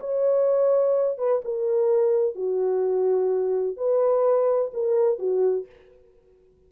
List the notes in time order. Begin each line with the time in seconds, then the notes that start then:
0.00 C#5
1.18 B4
1.45 A#4
2.36 F#4
3.77 B4
4.74 A#4
5.19 F#4